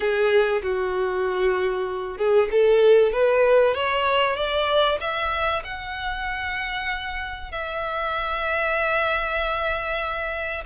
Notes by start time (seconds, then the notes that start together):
0.00 G#4
0.62 F#4
2.17 G#4
2.51 A4
3.12 B4
3.74 C#5
4.36 D5
5.00 E5
5.64 F#5
7.51 E5